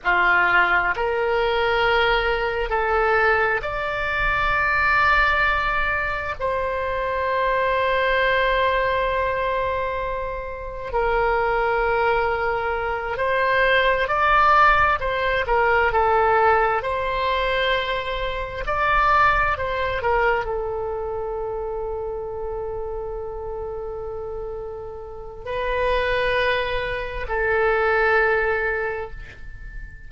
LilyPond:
\new Staff \with { instrumentName = "oboe" } { \time 4/4 \tempo 4 = 66 f'4 ais'2 a'4 | d''2. c''4~ | c''1 | ais'2~ ais'8 c''4 d''8~ |
d''8 c''8 ais'8 a'4 c''4.~ | c''8 d''4 c''8 ais'8 a'4.~ | a'1 | b'2 a'2 | }